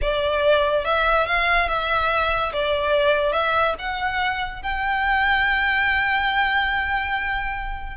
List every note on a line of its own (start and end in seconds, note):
0.01 0.84 D5
0.84 1.26 E5
1.26 1.68 F5
1.68 2.52 E5
2.53 3.32 D5
3.32 3.74 E5
3.79 4.62 F#5
4.62 7.96 G5